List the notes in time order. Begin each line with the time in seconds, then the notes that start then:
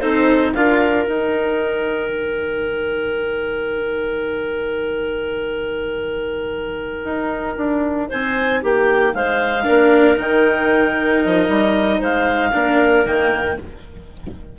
0.00 C4 D#4 A4 C5
0.54 D4 F4 A#4 F5
1.04 D#4 G5
2.09 D#3
7.03 D#4
7.56 D4
8.08 C4 C5 G#5
8.61 A#3 G4 G5
9.14 G#3 C5 F5
9.64 A#3 D4 A#4
10.16 D#3 D#4 G5
11.23 F3 D#5
11.48 G3
11.98 G#3 C5 F5
12.52 A#3 D4 A#4
13.05 D#3 A#3 G5